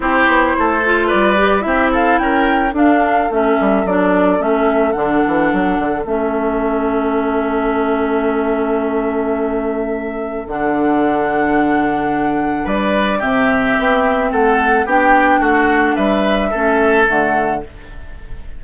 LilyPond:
<<
  \new Staff \with { instrumentName = "flute" } { \time 4/4 \tempo 4 = 109 c''2 d''4 e''8 f''8 | g''4 f''4 e''4 d''4 | e''4 fis''2 e''4~ | e''1~ |
e''2. fis''4~ | fis''2. d''4 | e''2 fis''4 g''4 | fis''4 e''2 fis''4 | }
  \new Staff \with { instrumentName = "oboe" } { \time 4/4 g'4 a'4 b'4 g'8 a'8 | ais'4 a'2.~ | a'1~ | a'1~ |
a'1~ | a'2. b'4 | g'2 a'4 g'4 | fis'4 b'4 a'2 | }
  \new Staff \with { instrumentName = "clarinet" } { \time 4/4 e'4. f'4 g'8 e'4~ | e'4 d'4 cis'4 d'4 | cis'4 d'2 cis'4~ | cis'1~ |
cis'2. d'4~ | d'1 | c'2. d'4~ | d'2 cis'4 a4 | }
  \new Staff \with { instrumentName = "bassoon" } { \time 4/4 c'8 b8 a4 g4 c'4 | cis'4 d'4 a8 g8 fis4 | a4 d8 e8 fis8 d8 a4~ | a1~ |
a2. d4~ | d2. g4 | c4 b4 a4 b4 | a4 g4 a4 d4 | }
>>